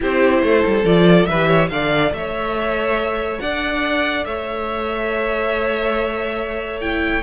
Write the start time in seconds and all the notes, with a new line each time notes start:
0.00 C4 E4 G4 C5
0.42 A3 A4
0.66 G3
0.84 F3 F4 D5
1.25 E3 G4 B4 E5
1.47 C#5
1.69 D3 A4 D5 F5
2.11 A3 E5
2.17 C#5
3.40 D4 D5 F#5
4.24 A3 C#5 E5
6.80 E4 G5